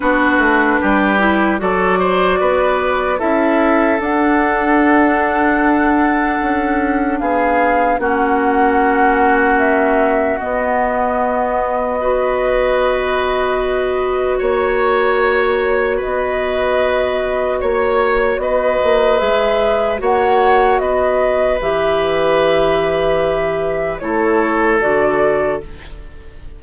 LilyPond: <<
  \new Staff \with { instrumentName = "flute" } { \time 4/4 \tempo 4 = 75 b'2 d''2 | e''4 fis''2.~ | fis''4 f''4 fis''2 | e''4 dis''2.~ |
dis''2 cis''2 | dis''2 cis''4 dis''4 | e''4 fis''4 dis''4 e''4~ | e''2 cis''4 d''4 | }
  \new Staff \with { instrumentName = "oboe" } { \time 4/4 fis'4 g'4 a'8 c''8 b'4 | a'1~ | a'4 gis'4 fis'2~ | fis'2. b'4~ |
b'2 cis''2 | b'2 cis''4 b'4~ | b'4 cis''4 b'2~ | b'2 a'2 | }
  \new Staff \with { instrumentName = "clarinet" } { \time 4/4 d'4. e'8 fis'2 | e'4 d'2.~ | d'2 cis'2~ | cis'4 b2 fis'4~ |
fis'1~ | fis'1 | gis'4 fis'2 g'4~ | g'2 e'4 fis'4 | }
  \new Staff \with { instrumentName = "bassoon" } { \time 4/4 b8 a8 g4 fis4 b4 | cis'4 d'2. | cis'4 b4 ais2~ | ais4 b2.~ |
b2 ais2 | b2 ais4 b8 ais8 | gis4 ais4 b4 e4~ | e2 a4 d4 | }
>>